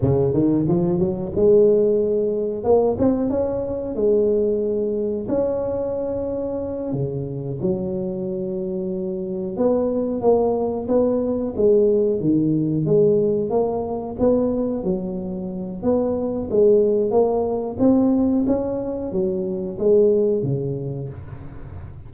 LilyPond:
\new Staff \with { instrumentName = "tuba" } { \time 4/4 \tempo 4 = 91 cis8 dis8 f8 fis8 gis2 | ais8 c'8 cis'4 gis2 | cis'2~ cis'8 cis4 fis8~ | fis2~ fis8 b4 ais8~ |
ais8 b4 gis4 dis4 gis8~ | gis8 ais4 b4 fis4. | b4 gis4 ais4 c'4 | cis'4 fis4 gis4 cis4 | }